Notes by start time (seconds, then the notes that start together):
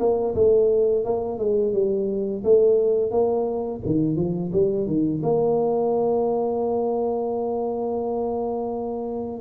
0.00 A#3
0.35 A3
1.04 A#3
1.39 G#3
1.73 G3
2.45 A3
3.11 A#3
3.86 D#3
4.16 F3
4.53 G3
4.87 D#3
5.23 A#3